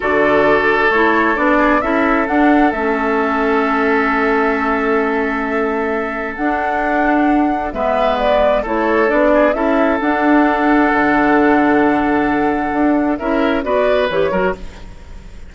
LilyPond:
<<
  \new Staff \with { instrumentName = "flute" } { \time 4/4 \tempo 4 = 132 d''2 cis''4 d''4 | e''4 fis''4 e''2~ | e''1~ | e''2 fis''2~ |
fis''4 e''4 d''4 cis''4 | d''4 e''4 fis''2~ | fis''1~ | fis''4 e''4 d''4 cis''4 | }
  \new Staff \with { instrumentName = "oboe" } { \time 4/4 a'2.~ a'8 gis'8 | a'1~ | a'1~ | a'1~ |
a'4 b'2 a'4~ | a'8 gis'8 a'2.~ | a'1~ | a'4 ais'4 b'4. ais'8 | }
  \new Staff \with { instrumentName = "clarinet" } { \time 4/4 fis'2 e'4 d'4 | e'4 d'4 cis'2~ | cis'1~ | cis'2 d'2~ |
d'4 b2 e'4 | d'4 e'4 d'2~ | d'1~ | d'4 e'4 fis'4 g'8 fis'8 | }
  \new Staff \with { instrumentName = "bassoon" } { \time 4/4 d2 a4 b4 | cis'4 d'4 a2~ | a1~ | a2 d'2~ |
d'4 gis2 a4 | b4 cis'4 d'2 | d1 | d'4 cis'4 b4 e8 fis8 | }
>>